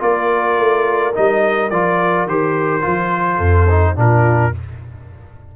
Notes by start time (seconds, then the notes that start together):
0.00 A#3 F4 A#4 D5
0.58 A3
1.14 G3 D#4 D#5
1.70 F3 F4 D5
2.26 D#3 G4 C5
2.82 F3 F4
3.37 F2 A4
3.70 D#4
3.96 A#2 D4 F4 A#4